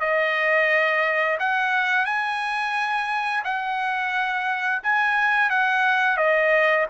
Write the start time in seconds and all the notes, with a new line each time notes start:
0.00 D#5
1.39 F#5
2.05 G#5
3.44 F#5
4.82 G#5
5.50 F#5
6.17 D#5